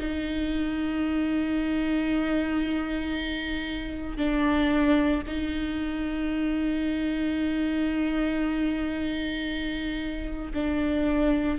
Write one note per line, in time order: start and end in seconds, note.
0.00 4.18 D#4
4.18 5.23 D4
5.27 10.53 D#4
10.54 11.59 D4